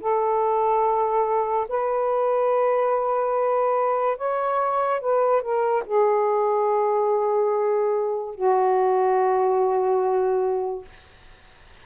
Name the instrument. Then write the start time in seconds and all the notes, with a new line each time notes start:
saxophone
0.00 A4
1.68 B4
4.17 C#5
5.00 B4
5.41 A#4
5.86 G#4
8.35 F#4